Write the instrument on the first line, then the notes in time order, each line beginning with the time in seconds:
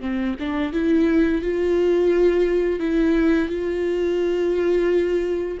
viola
0.00 C4
0.39 D4
0.73 E4
1.41 F4
2.79 E4
3.48 F4